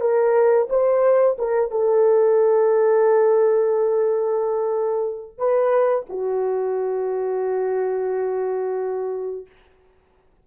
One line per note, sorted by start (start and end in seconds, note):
0.00 0.67 A#4
0.69 1.36 C5
1.38 1.70 A#4
1.70 5.38 A4
5.38 6.05 B4
6.09 9.46 F#4